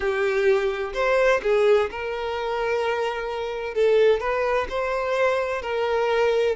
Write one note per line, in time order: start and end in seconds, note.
0.00 0.93 G4
0.93 1.40 C5
1.43 1.90 G#4
1.90 3.74 A#4
3.74 4.20 A4
4.20 4.67 B4
4.69 5.62 C5
5.62 6.55 A#4